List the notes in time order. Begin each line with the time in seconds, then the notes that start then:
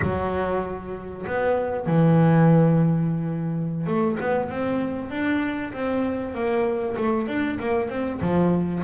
0.02 F#3
1.26 B3
1.86 E3
3.87 A3
4.20 B3
4.49 C4
5.10 D4
5.72 C4
6.34 A#3
6.96 A3
7.27 D4
7.59 A#3
7.89 C4
8.21 F3